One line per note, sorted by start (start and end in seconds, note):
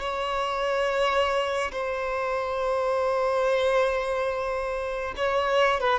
0.00 1.71 C#5
1.72 5.15 C5
5.17 5.80 C#5
5.80 5.99 B4